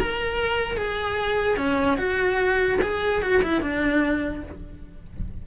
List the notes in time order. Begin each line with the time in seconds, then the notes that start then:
0.00 A#4
0.77 G#4
1.57 C#4
1.98 F#4
2.82 G#4
3.22 F#4
3.43 E4
3.62 D4